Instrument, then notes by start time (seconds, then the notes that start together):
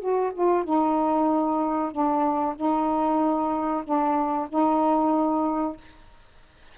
saxophone
0.00 F#4
0.34 F4
0.64 D#4
1.91 D4
2.56 D#4
3.84 D4
4.49 D#4